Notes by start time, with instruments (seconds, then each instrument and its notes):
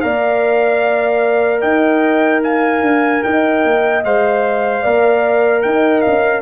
0.00 tuba A#3, trombone A#4, horn D5, trumpet F5
1.61 tuba D#4, horn D#5, trumpet G5
2.43 horn F5, trumpet G#5
2.81 tuba D4
3.23 tuba D#4, horn D#5, trumpet G5
3.64 tuba A#3
4.04 tuba G#3, trombone C5, trumpet F5
4.81 tuba A#3, trombone A#4, horn D5
5.62 tuba D#4, horn D#5, trumpet G5
6.01 tuba C#4, trumpet F5